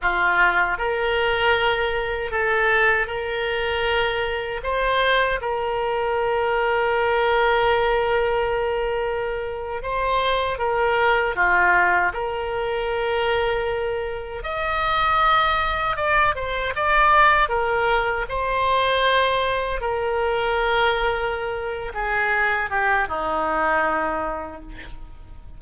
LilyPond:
\new Staff \with { instrumentName = "oboe" } { \time 4/4 \tempo 4 = 78 f'4 ais'2 a'4 | ais'2 c''4 ais'4~ | ais'1~ | ais'8. c''4 ais'4 f'4 ais'16~ |
ais'2~ ais'8. dis''4~ dis''16~ | dis''8. d''8 c''8 d''4 ais'4 c''16~ | c''4.~ c''16 ais'2~ ais'16~ | ais'8 gis'4 g'8 dis'2 | }